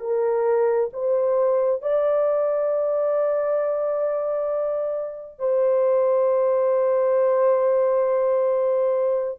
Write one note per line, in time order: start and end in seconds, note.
0.00 0.90 A#4
0.93 1.82 C5
1.82 5.39 D5
5.39 9.39 C5